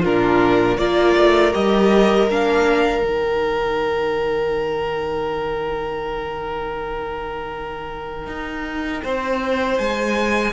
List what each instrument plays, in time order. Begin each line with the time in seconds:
0.00 cello A#2, viola D4, violin F4 A#4
0.78 cello A#3, viola F4, violin A#4 D5
1.17 cello A3
1.52 cello G3, viola G4, violin D#5
2.29 cello A#3, viola D4, violin F5
3.02 cello D#3, viola D#4, violin G5
8.27 cello D#4
9.03 cello C4, violin C5
9.78 cello G#3, violin G#5